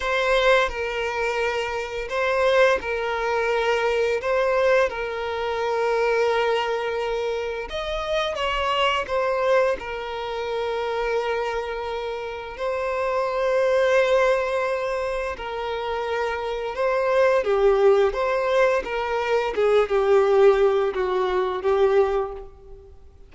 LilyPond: \new Staff \with { instrumentName = "violin" } { \time 4/4 \tempo 4 = 86 c''4 ais'2 c''4 | ais'2 c''4 ais'4~ | ais'2. dis''4 | cis''4 c''4 ais'2~ |
ais'2 c''2~ | c''2 ais'2 | c''4 g'4 c''4 ais'4 | gis'8 g'4. fis'4 g'4 | }